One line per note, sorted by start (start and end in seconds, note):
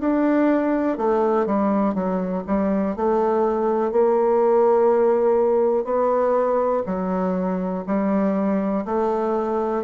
0.00 0.97 D4
0.97 1.46 A3
1.46 1.94 G3
1.94 2.43 F#3
2.46 2.96 G3
2.96 3.92 A3
3.92 5.84 A#3
5.84 6.83 B3
6.86 7.84 F#3
7.86 8.85 G3
8.85 9.84 A3